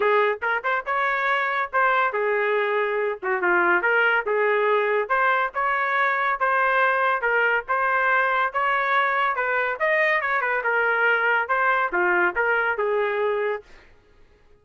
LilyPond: \new Staff \with { instrumentName = "trumpet" } { \time 4/4 \tempo 4 = 141 gis'4 ais'8 c''8 cis''2 | c''4 gis'2~ gis'8 fis'8 | f'4 ais'4 gis'2 | c''4 cis''2 c''4~ |
c''4 ais'4 c''2 | cis''2 b'4 dis''4 | cis''8 b'8 ais'2 c''4 | f'4 ais'4 gis'2 | }